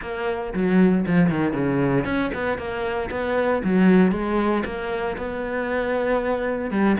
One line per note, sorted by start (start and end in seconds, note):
0.01 0.53 A#3
0.53 1.05 F#3
1.06 1.30 F3
1.30 1.53 D#3
1.53 2.04 C#3
2.04 2.30 C#4
2.34 2.57 B3
2.57 3.09 A#3
3.10 3.62 B3
3.63 4.11 F#3
4.11 4.63 G#3
4.65 5.17 A#3
5.17 6.70 B3
6.70 6.96 G3